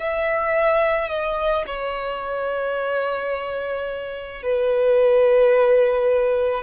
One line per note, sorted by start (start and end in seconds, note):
0.00 1.10 E5
1.10 1.65 D#5
1.67 4.43 C#5
4.43 6.64 B4